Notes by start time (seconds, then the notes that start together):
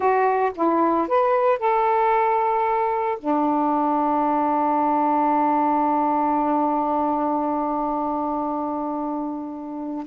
0.00 F#4
0.55 E4
1.08 B4
1.59 A4
3.19 D4